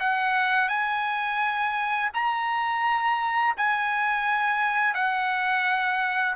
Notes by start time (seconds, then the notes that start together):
0.00 F#5
0.69 G#5
2.14 A#5
3.57 G#5
4.94 F#5